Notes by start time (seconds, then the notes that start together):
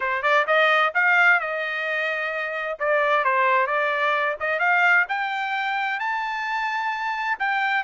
0.00 C5
0.22 D5
0.46 D#5
0.94 F5
1.40 D#5
2.79 D5
3.24 C5
3.67 D5
4.40 D#5
4.59 F5
5.09 G5
5.99 A5
7.39 G5